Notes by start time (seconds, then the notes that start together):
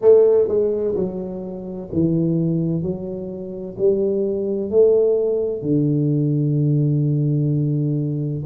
0.01 A3
0.48 G#3
0.95 F#3
1.92 E3
2.82 F#3
3.78 G3
4.70 A3
5.62 D3